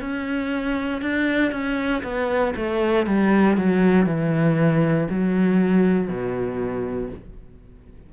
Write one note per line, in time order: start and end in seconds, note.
0.00 1.01 C#4
1.01 1.51 D4
1.51 2.02 C#4
2.03 2.54 B3
2.56 3.06 A3
3.06 3.57 G3
3.57 4.06 F#3
4.06 5.08 E3
5.10 6.08 F#3
6.08 7.10 B2